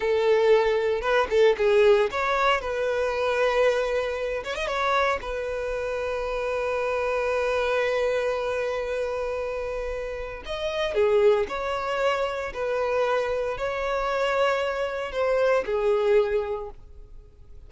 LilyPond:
\new Staff \with { instrumentName = "violin" } { \time 4/4 \tempo 4 = 115 a'2 b'8 a'8 gis'4 | cis''4 b'2.~ | b'8 cis''16 dis''16 cis''4 b'2~ | b'1~ |
b'1 | dis''4 gis'4 cis''2 | b'2 cis''2~ | cis''4 c''4 gis'2 | }